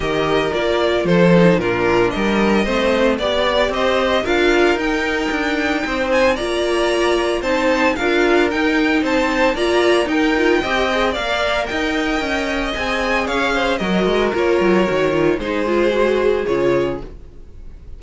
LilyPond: <<
  \new Staff \with { instrumentName = "violin" } { \time 4/4 \tempo 4 = 113 dis''4 d''4 c''4 ais'4 | dis''2 d''4 dis''4 | f''4 g''2~ g''8 gis''8 | ais''2 a''4 f''4 |
g''4 a''4 ais''4 g''4~ | g''4 f''4 g''2 | gis''4 f''4 dis''4 cis''4~ | cis''4 c''2 cis''4 | }
  \new Staff \with { instrumentName = "violin" } { \time 4/4 ais'2 a'4 f'4 | ais'4 c''4 d''4 c''4 | ais'2. c''4 | d''2 c''4 ais'4~ |
ais'4 c''4 d''4 ais'4 | dis''4 d''4 dis''2~ | dis''4 cis''8 c''8 ais'2~ | ais'4 gis'2. | }
  \new Staff \with { instrumentName = "viola" } { \time 4/4 g'4 f'4. dis'8 d'4~ | d'4 c'4 g'2 | f'4 dis'2. | f'2 dis'4 f'4 |
dis'2 f'4 dis'8 f'8 | g'8 gis'8 ais'2. | gis'2 fis'4 f'4 | fis'8 f'8 dis'8 f'8 fis'4 f'4 | }
  \new Staff \with { instrumentName = "cello" } { \time 4/4 dis4 ais4 f4 ais,4 | g4 a4 b4 c'4 | d'4 dis'4 d'4 c'4 | ais2 c'4 d'4 |
dis'4 c'4 ais4 dis'4 | c'4 ais4 dis'4 cis'4 | c'4 cis'4 fis8 gis8 ais8 fis8 | dis4 gis2 cis4 | }
>>